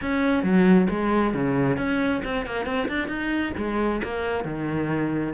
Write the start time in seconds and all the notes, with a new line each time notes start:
0.01 C#4
0.43 F#3
0.89 G#3
1.33 C#3
1.77 C#4
2.24 C4
2.45 A#3
2.65 C4
2.88 D4
3.08 D#4
3.57 G#3
4.03 A#3
4.44 D#3